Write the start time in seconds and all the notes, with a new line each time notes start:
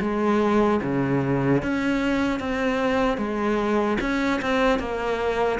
0.00 G#3
0.82 C#3
1.62 C#4
2.39 C4
3.17 G#3
4.00 C#4
4.41 C4
4.79 A#3